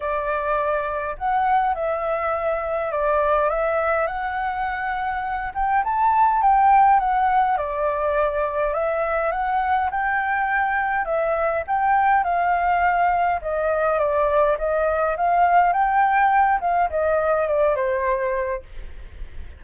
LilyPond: \new Staff \with { instrumentName = "flute" } { \time 4/4 \tempo 4 = 103 d''2 fis''4 e''4~ | e''4 d''4 e''4 fis''4~ | fis''4. g''8 a''4 g''4 | fis''4 d''2 e''4 |
fis''4 g''2 e''4 | g''4 f''2 dis''4 | d''4 dis''4 f''4 g''4~ | g''8 f''8 dis''4 d''8 c''4. | }